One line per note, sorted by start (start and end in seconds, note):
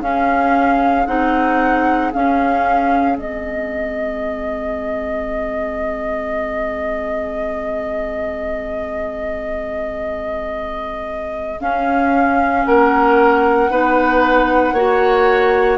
0.00 1.06 C#4
0.00 12.63 G#4
0.00 1.06 F5
1.06 2.12 C4
1.06 2.12 D#4
1.06 2.11 F#5
2.12 3.17 C#4
2.12 3.18 F5
3.17 11.59 G#3
3.17 11.59 C4
3.17 11.60 D#5
11.60 12.65 C#4
11.60 13.70 C#4
11.60 12.65 F5
12.65 13.70 A#3
12.65 13.71 A#4
12.65 15.78 F#5
13.70 14.73 B3
13.70 14.76 D#4
13.70 14.74 B4
14.73 15.78 A#3
14.73 15.78 F#4
14.73 15.78 C#5